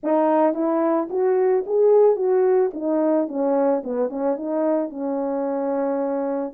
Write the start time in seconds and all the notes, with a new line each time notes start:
0.03 D#4
0.53 E4
1.10 F#4
1.66 G#4
2.16 F#4
2.73 D#4
3.28 C#4
3.83 B3
4.09 C#4
4.36 D#4
4.89 C#4